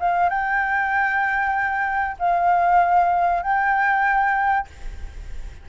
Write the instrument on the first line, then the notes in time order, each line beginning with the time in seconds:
flute
0.00 F5
0.30 G5
2.19 F5
3.43 G5